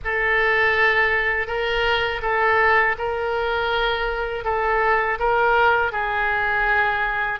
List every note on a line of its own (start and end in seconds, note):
0.04 1.46 A4
1.46 2.21 A#4
2.22 2.96 A4
2.98 4.44 A#4
4.44 5.18 A4
5.19 5.92 A#4
5.92 7.39 G#4